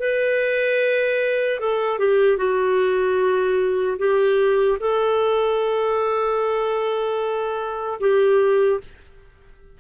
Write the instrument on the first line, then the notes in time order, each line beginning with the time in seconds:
clarinet
0.00 B4
1.60 A4
1.99 G4
2.38 F#4
3.99 G4
4.80 A4
8.00 G4